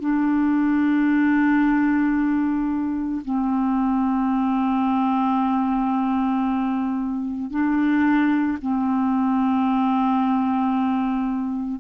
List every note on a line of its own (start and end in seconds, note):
0.00 3.21 D4
3.24 7.50 C4
7.50 8.58 D4
8.61 11.80 C4